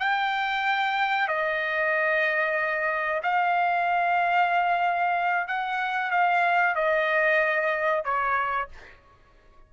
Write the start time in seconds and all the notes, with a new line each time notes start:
0.00 G5
1.28 D#5
3.23 F5
5.48 F#5
6.11 F5
6.76 D#5
8.05 C#5